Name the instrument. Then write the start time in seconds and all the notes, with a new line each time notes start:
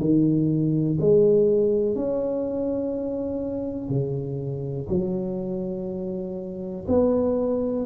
tuba
0.00 D#3
1.00 G#3
1.96 C#4
3.89 C#3
4.90 F#3
6.88 B3